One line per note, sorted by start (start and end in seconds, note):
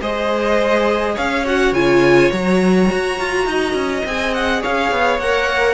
0.00 1.16 G#3
0.00 1.45 G#4
0.00 1.14 C5
0.00 1.16 D#5
1.14 1.72 C#4
1.14 3.44 C#5
1.14 1.46 F5
1.45 1.74 F#4
1.45 1.73 F#5
1.72 2.29 C#3
1.72 2.32 F4
1.72 2.31 G#5
2.32 2.90 F#3
2.32 4.06 F#4
2.32 4.05 A#5
2.91 3.20 F#4
3.20 3.46 F4
3.46 3.73 D#4
3.46 4.61 D#5
3.73 4.02 C#4
4.05 4.62 C4
4.05 5.22 G#4
4.05 4.33 G#5
4.33 4.62 F#5
4.61 4.91 C#4
4.61 5.74 C#5
4.61 5.19 F5
4.91 5.18 B3
5.18 5.74 A#3
5.18 5.74 A#4
5.18 5.74 F#5